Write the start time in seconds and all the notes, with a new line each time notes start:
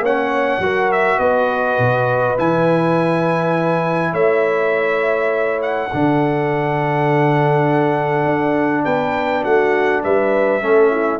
0.00 A#3 C#4 C#5 F#5
0.59 F#3 F#4 A#4
0.92 E5
1.19 B3 B4 D#5
1.79 B2
2.37 E3 E4 G#5
4.13 A3 C#5 E5
5.62 F#5
5.91 D3 D4 A4
8.25 D4
8.84 B3 B4 G5
9.43 A3 F#4 F#5
10.04 G3 B4 E5
10.62 A3 C#4 A4
10.92 E4